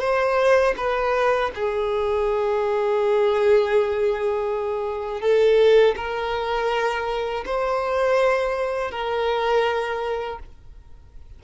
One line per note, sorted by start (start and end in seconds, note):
0.00 0.74 C5
0.77 1.51 B4
1.55 5.21 G#4
5.21 5.95 A4
5.96 7.44 A#4
7.45 8.91 C5
8.91 10.39 A#4